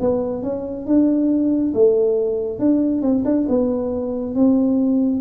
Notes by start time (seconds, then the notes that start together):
0.00 B3
0.42 C#4
0.86 D4
1.74 A3
2.59 D4
3.02 C4
3.25 D4
3.49 B3
4.35 C4